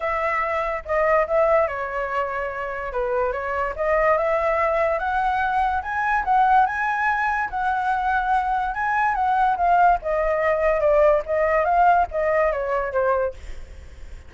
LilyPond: \new Staff \with { instrumentName = "flute" } { \time 4/4 \tempo 4 = 144 e''2 dis''4 e''4 | cis''2. b'4 | cis''4 dis''4 e''2 | fis''2 gis''4 fis''4 |
gis''2 fis''2~ | fis''4 gis''4 fis''4 f''4 | dis''2 d''4 dis''4 | f''4 dis''4 cis''4 c''4 | }